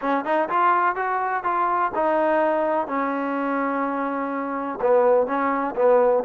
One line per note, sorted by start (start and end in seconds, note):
0.01 0.24 C#4
0.24 0.48 D#4
0.49 0.95 F4
0.95 1.43 F#4
1.43 1.91 F4
1.95 2.87 D#4
2.87 4.79 C#4
4.81 5.26 B3
5.26 5.74 C#4
5.75 6.23 B3